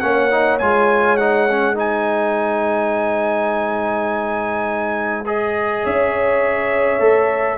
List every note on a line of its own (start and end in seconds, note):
0.00 0.61 A#3
0.00 0.31 C#4
0.00 1.77 C#5
0.00 0.58 F#5
0.31 0.60 D#4
0.59 5.85 G#3
0.59 1.19 F4
0.59 1.17 G#5
1.17 1.49 D#4
1.17 1.75 F#5
1.50 1.75 C#4
1.75 5.25 D#4
1.75 5.84 C5
1.75 5.28 G#5
5.26 7.00 G#4
5.26 5.86 D#5
5.84 7.00 C#4
5.84 7.58 C#5
5.84 7.59 E5
7.00 7.58 A3
7.00 7.59 A4